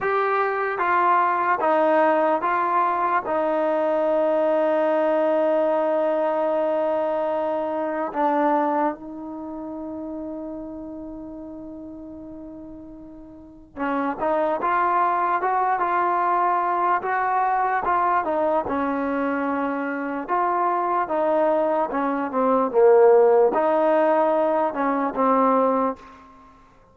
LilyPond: \new Staff \with { instrumentName = "trombone" } { \time 4/4 \tempo 4 = 74 g'4 f'4 dis'4 f'4 | dis'1~ | dis'2 d'4 dis'4~ | dis'1~ |
dis'4 cis'8 dis'8 f'4 fis'8 f'8~ | f'4 fis'4 f'8 dis'8 cis'4~ | cis'4 f'4 dis'4 cis'8 c'8 | ais4 dis'4. cis'8 c'4 | }